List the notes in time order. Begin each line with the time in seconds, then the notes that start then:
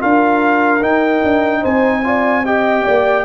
0.00 D4 F4 A#4 F5
0.82 D#4 G5
1.24 D4
1.61 C4 C5 G#5
2.04 F4 D5
2.45 G4 D#5 G5
2.84 A#3 D5